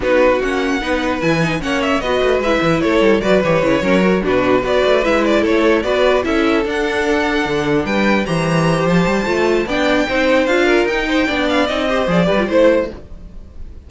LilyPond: <<
  \new Staff \with { instrumentName = "violin" } { \time 4/4 \tempo 4 = 149 b'4 fis''2 gis''4 | fis''8 e''8 dis''4 e''4 cis''4 | d''8 cis''2 b'4 d''8~ | d''8 e''8 d''8 cis''4 d''4 e''8~ |
e''8 fis''2. g''8~ | g''8 ais''4. a''2 | g''2 f''4 g''4~ | g''8 f''8 dis''4 d''4 c''4 | }
  \new Staff \with { instrumentName = "violin" } { \time 4/4 fis'2 b'2 | cis''4 b'2 a'4 | b'4. ais'4 fis'4 b'8~ | b'4. a'4 b'4 a'8~ |
a'2.~ a'8 b'8~ | b'8 c''2.~ c''8 | d''4 c''4. ais'4 c''8 | d''4. c''4 b'8 c''4 | }
  \new Staff \with { instrumentName = "viola" } { \time 4/4 dis'4 cis'4 dis'4 e'8 dis'8 | cis'4 fis'4 e'2 | fis'8 g'8 e'8 cis'8 fis'8 d'4 fis'8~ | fis'8 e'2 fis'4 e'8~ |
e'8 d'2.~ d'8~ | d'8 g'2~ g'8 f'4 | d'4 dis'4 f'4 dis'4 | d'4 dis'8 g'8 gis'8 g'16 f'16 e'4 | }
  \new Staff \with { instrumentName = "cello" } { \time 4/4 b4 ais4 b4 e4 | ais4 b8 a8 gis8 e8 a8 g8 | fis8 e8 cis8 fis4 b,4 b8 | a8 gis4 a4 b4 cis'8~ |
cis'8 d'2 d4 g8~ | g8 e4. f8 g8 a4 | b4 c'4 d'4 dis'4 | b4 c'4 f8 g8 a4 | }
>>